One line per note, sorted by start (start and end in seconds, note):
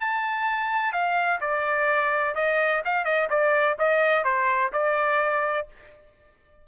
0.00 0.92 A5
0.92 1.40 F5
1.40 2.35 D5
2.35 2.82 D#5
2.85 3.04 F5
3.04 3.28 D#5
3.29 3.77 D5
3.78 4.24 D#5
4.24 4.71 C5
4.72 5.67 D5